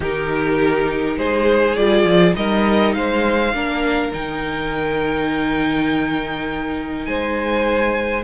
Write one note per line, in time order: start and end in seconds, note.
0.00 1.17 D#3
0.00 1.76 D#4
0.00 1.15 G4
0.00 1.18 A#4
1.17 1.76 G#3
1.17 2.35 G#4
1.17 1.75 C5
1.75 2.04 G3
1.75 2.35 F4
1.75 2.34 D5
2.04 2.33 F3
2.35 2.94 G3
2.35 3.52 D#4
2.35 2.95 A#4
2.35 2.93 D#5
2.93 3.53 G#3
2.93 3.54 C5
2.93 4.11 F5
3.53 4.12 A#3
3.53 4.12 D4
3.53 7.07 A#4
4.12 7.06 D#3
4.12 8.23 D#4
4.12 7.05 G5
7.05 8.24 G#3
7.05 8.24 C5
7.05 8.22 G#5